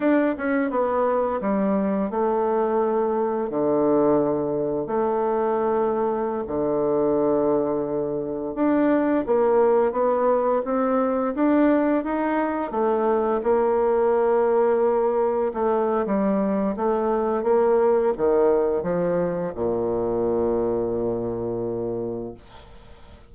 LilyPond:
\new Staff \with { instrumentName = "bassoon" } { \time 4/4 \tempo 4 = 86 d'8 cis'8 b4 g4 a4~ | a4 d2 a4~ | a4~ a16 d2~ d8.~ | d16 d'4 ais4 b4 c'8.~ |
c'16 d'4 dis'4 a4 ais8.~ | ais2~ ais16 a8. g4 | a4 ais4 dis4 f4 | ais,1 | }